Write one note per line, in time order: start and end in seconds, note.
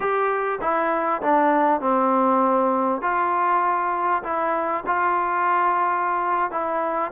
0.00 0.59 G4
0.61 1.21 E4
1.21 1.80 D4
1.80 3.01 C4
3.01 4.23 F4
4.23 4.83 E4
4.86 6.51 F4
6.51 7.11 E4